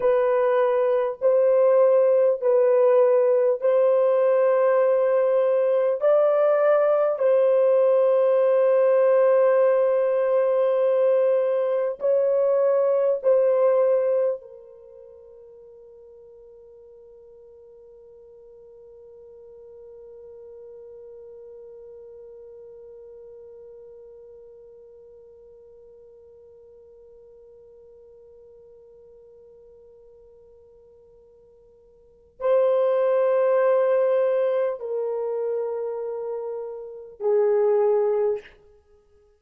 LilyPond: \new Staff \with { instrumentName = "horn" } { \time 4/4 \tempo 4 = 50 b'4 c''4 b'4 c''4~ | c''4 d''4 c''2~ | c''2 cis''4 c''4 | ais'1~ |
ais'1~ | ais'1~ | ais'2. c''4~ | c''4 ais'2 gis'4 | }